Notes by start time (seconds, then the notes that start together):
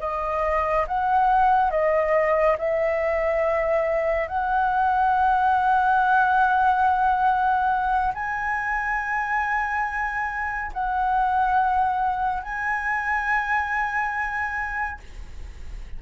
0.00 D#5
0.88 F#5
1.71 D#5
2.58 E5
4.28 F#5
8.14 G#5
10.73 F#5
12.43 G#5